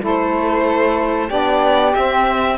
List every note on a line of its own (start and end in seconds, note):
0.00 1.30 A3
0.00 1.28 E4
0.00 1.29 A4
0.06 1.30 C5
1.29 1.94 B3
1.29 1.93 D4
1.29 2.56 G4
1.29 1.94 D5
1.93 2.57 C4
1.93 2.57 E5